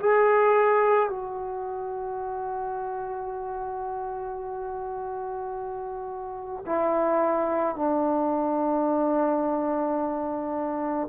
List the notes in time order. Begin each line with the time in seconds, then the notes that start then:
0.00 G#4
1.09 F#4
6.66 E4
7.76 D4